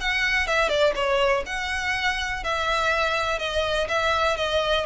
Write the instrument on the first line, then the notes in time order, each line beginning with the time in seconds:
violin
0.00 F#5
0.47 E5
0.68 D5
0.95 C#5
1.46 F#5
2.43 E5
3.38 D#5
3.88 E5
4.36 D#5